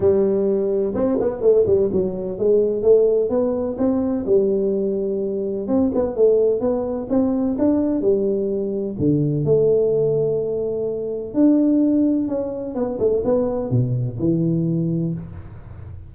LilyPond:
\new Staff \with { instrumentName = "tuba" } { \time 4/4 \tempo 4 = 127 g2 c'8 b8 a8 g8 | fis4 gis4 a4 b4 | c'4 g2. | c'8 b8 a4 b4 c'4 |
d'4 g2 d4 | a1 | d'2 cis'4 b8 a8 | b4 b,4 e2 | }